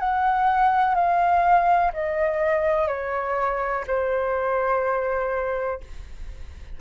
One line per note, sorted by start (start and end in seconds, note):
0.00 0.95 F#5
0.95 1.92 F5
1.93 2.88 D#5
2.88 3.84 C#5
3.87 5.81 C5